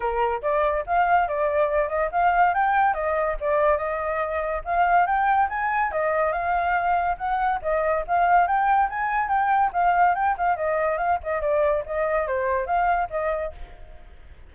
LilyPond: \new Staff \with { instrumentName = "flute" } { \time 4/4 \tempo 4 = 142 ais'4 d''4 f''4 d''4~ | d''8 dis''8 f''4 g''4 dis''4 | d''4 dis''2 f''4 | g''4 gis''4 dis''4 f''4~ |
f''4 fis''4 dis''4 f''4 | g''4 gis''4 g''4 f''4 | g''8 f''8 dis''4 f''8 dis''8 d''4 | dis''4 c''4 f''4 dis''4 | }